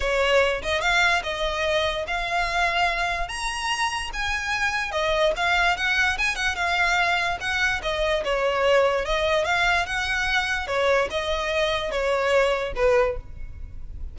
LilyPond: \new Staff \with { instrumentName = "violin" } { \time 4/4 \tempo 4 = 146 cis''4. dis''8 f''4 dis''4~ | dis''4 f''2. | ais''2 gis''2 | dis''4 f''4 fis''4 gis''8 fis''8 |
f''2 fis''4 dis''4 | cis''2 dis''4 f''4 | fis''2 cis''4 dis''4~ | dis''4 cis''2 b'4 | }